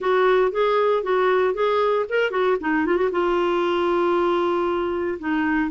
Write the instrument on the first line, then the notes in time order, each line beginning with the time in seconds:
clarinet
0.00 F#4
0.51 G#4
1.03 F#4
1.54 G#4
2.09 A#4
2.30 F#4
2.60 D#4
2.86 F4
2.96 F#4
3.11 F4
5.19 D#4